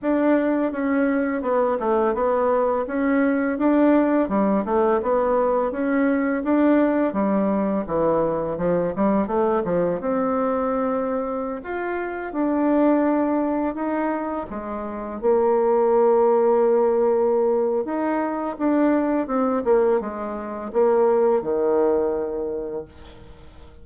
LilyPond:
\new Staff \with { instrumentName = "bassoon" } { \time 4/4 \tempo 4 = 84 d'4 cis'4 b8 a8 b4 | cis'4 d'4 g8 a8 b4 | cis'4 d'4 g4 e4 | f8 g8 a8 f8 c'2~ |
c'16 f'4 d'2 dis'8.~ | dis'16 gis4 ais2~ ais8.~ | ais4 dis'4 d'4 c'8 ais8 | gis4 ais4 dis2 | }